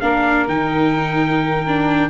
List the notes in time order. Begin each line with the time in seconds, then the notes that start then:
0.00 A#3 D4 A#4 F5
0.48 D#3 D#4 G5
1.67 D4